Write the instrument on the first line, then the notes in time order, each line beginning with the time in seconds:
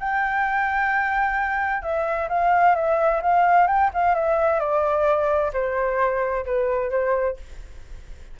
flute
0.00 G5
1.83 E5
2.29 F5
2.75 E5
3.22 F5
3.67 G5
3.94 F5
4.15 E5
4.60 D5
5.53 C5
6.46 B4
6.91 C5